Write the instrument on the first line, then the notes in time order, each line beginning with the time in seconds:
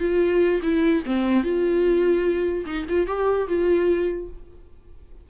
viola
0.00 F4
0.63 E4
1.06 C4
1.44 F4
2.66 D#4
2.89 F4
3.07 G4
3.48 F4